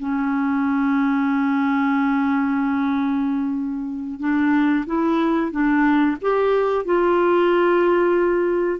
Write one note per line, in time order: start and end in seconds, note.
0.00 4.20 C#4
4.20 4.86 D4
4.87 5.52 E4
5.52 6.17 D4
6.22 6.86 G4
6.86 8.80 F4